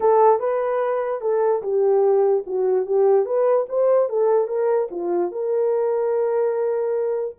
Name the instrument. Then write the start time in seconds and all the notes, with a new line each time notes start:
horn
0.00 A4
0.39 B4
1.21 A4
1.62 G4
2.46 F#4
2.86 G4
3.25 B4
3.68 C5
4.09 A4
4.47 A#4
4.90 F4
5.31 A#4